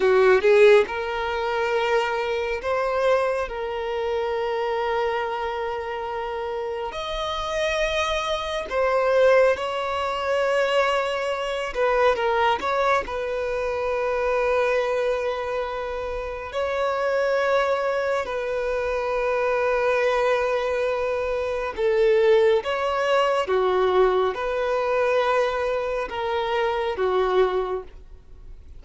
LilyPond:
\new Staff \with { instrumentName = "violin" } { \time 4/4 \tempo 4 = 69 fis'8 gis'8 ais'2 c''4 | ais'1 | dis''2 c''4 cis''4~ | cis''4. b'8 ais'8 cis''8 b'4~ |
b'2. cis''4~ | cis''4 b'2.~ | b'4 a'4 cis''4 fis'4 | b'2 ais'4 fis'4 | }